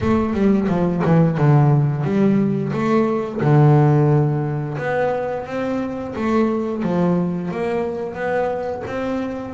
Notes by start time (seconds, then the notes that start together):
0.01 A3
0.33 G3
0.68 F3
1.04 E3
1.37 D3
2.03 G3
2.72 A3
3.41 D3
4.78 B3
5.46 C4
6.15 A3
6.82 F3
7.51 A#3
8.14 B3
8.86 C4